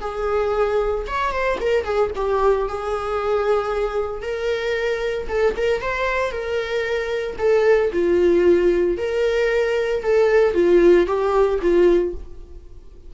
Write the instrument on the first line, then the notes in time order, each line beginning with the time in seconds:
viola
0.00 G#4
1.07 C#5
1.32 C5
1.60 A#4
1.84 G#4
2.15 G4
2.68 G#4
4.22 A#4
5.28 A4
5.56 A#4
5.81 C5
6.31 A#4
7.38 A4
7.92 F4
8.97 A#4
10.03 A4
10.54 F4
11.06 G4
11.61 F4